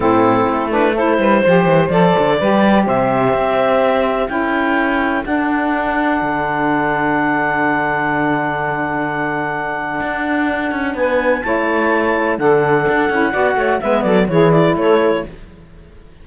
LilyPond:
<<
  \new Staff \with { instrumentName = "clarinet" } { \time 4/4 \tempo 4 = 126 a'4. b'8 c''2 | d''2 e''2~ | e''4 g''2 fis''4~ | fis''1~ |
fis''1~ | fis''2. gis''4 | a''2 fis''2~ | fis''4 e''8 d''8 cis''8 d''8 cis''4 | }
  \new Staff \with { instrumentName = "saxophone" } { \time 4/4 e'2 a'8 b'8 c''4~ | c''4 b'4 c''2~ | c''4 a'2.~ | a'1~ |
a'1~ | a'2. b'4 | cis''2 a'2 | d''8 cis''8 b'8 a'8 gis'4 a'4 | }
  \new Staff \with { instrumentName = "saxophone" } { \time 4/4 c'4. d'8 e'4 g'4 | a'4 g'2.~ | g'4 e'2 d'4~ | d'1~ |
d'1~ | d'1 | e'2 d'4. e'8 | fis'4 b4 e'2 | }
  \new Staff \with { instrumentName = "cello" } { \time 4/4 a,4 a4. g8 f8 e8 | f8 d8 g4 c4 c'4~ | c'4 cis'2 d'4~ | d'4 d2.~ |
d1~ | d4 d'4. cis'8 b4 | a2 d4 d'8 cis'8 | b8 a8 gis8 fis8 e4 a4 | }
>>